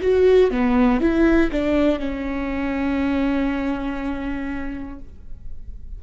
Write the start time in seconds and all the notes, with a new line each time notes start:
0.00 F#4
0.50 B3
1.00 E4
1.51 D4
1.99 C#4